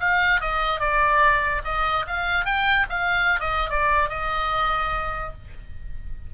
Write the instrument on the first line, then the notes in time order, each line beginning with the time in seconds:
oboe
0.00 F5
0.41 D#5
0.80 D5
1.65 D#5
2.08 F5
2.45 G5
2.90 F5
3.40 D#5
3.70 D5
4.09 D#5